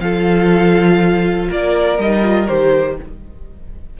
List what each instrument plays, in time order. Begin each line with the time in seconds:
0.00 cello F3, viola F4, violin A4 F5
1.49 cello A#3, violin A#4 D5
1.98 cello G3, viola D#4, violin D#5
2.22 viola F4
2.47 cello D#3, viola G4, violin C5